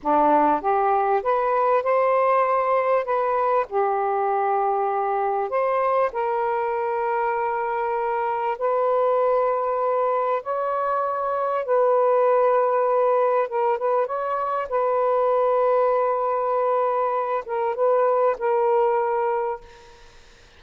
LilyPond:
\new Staff \with { instrumentName = "saxophone" } { \time 4/4 \tempo 4 = 98 d'4 g'4 b'4 c''4~ | c''4 b'4 g'2~ | g'4 c''4 ais'2~ | ais'2 b'2~ |
b'4 cis''2 b'4~ | b'2 ais'8 b'8 cis''4 | b'1~ | b'8 ais'8 b'4 ais'2 | }